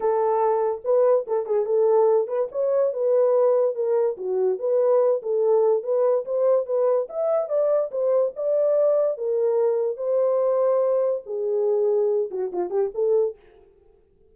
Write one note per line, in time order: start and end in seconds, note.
0.00 0.81 A4
0.84 1.26 B4
1.27 1.45 A4
1.45 1.65 G#4
1.65 2.27 A4
2.27 2.48 B4
2.51 2.93 C#5
2.93 3.75 B4
3.75 4.16 A#4
4.17 4.59 F#4
4.59 5.21 B4
5.22 5.83 A4
5.83 6.25 B4
6.25 6.66 C5
6.66 7.07 B4
7.09 7.48 E5
7.48 7.90 D5
7.91 8.32 C5
8.35 9.17 D5
9.17 9.97 A#4
9.97 11.22 C5
11.26 12.30 G#4
12.30 12.51 F#4
12.52 12.70 F4
12.70 12.91 G4
12.94 13.35 A4